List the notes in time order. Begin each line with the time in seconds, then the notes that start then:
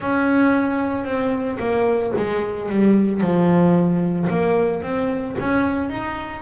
0.00 C#4
1.04 C4
1.59 A#3
2.17 G#3
2.69 G3
3.20 F3
4.29 A#3
4.82 C4
5.39 C#4
5.89 D#4